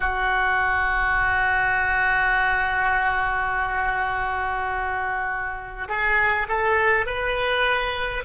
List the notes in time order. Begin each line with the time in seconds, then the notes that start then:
0.00 F#4
5.88 G#4
6.48 A4
7.06 B4